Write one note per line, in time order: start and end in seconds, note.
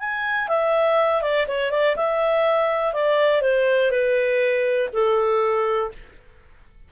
0.00 0.49 G#5
0.49 1.22 E5
1.22 1.47 D5
1.48 1.71 C#5
1.71 1.96 D5
1.96 2.94 E5
2.94 3.42 D5
3.42 3.91 C5
3.91 4.90 B4
4.93 5.92 A4